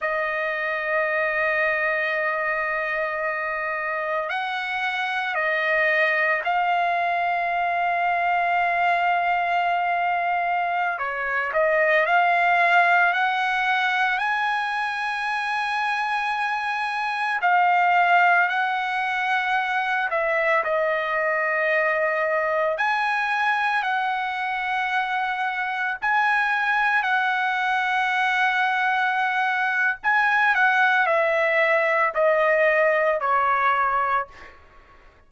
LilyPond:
\new Staff \with { instrumentName = "trumpet" } { \time 4/4 \tempo 4 = 56 dis''1 | fis''4 dis''4 f''2~ | f''2~ f''16 cis''8 dis''8 f''8.~ | f''16 fis''4 gis''2~ gis''8.~ |
gis''16 f''4 fis''4. e''8 dis''8.~ | dis''4~ dis''16 gis''4 fis''4.~ fis''16~ | fis''16 gis''4 fis''2~ fis''8. | gis''8 fis''8 e''4 dis''4 cis''4 | }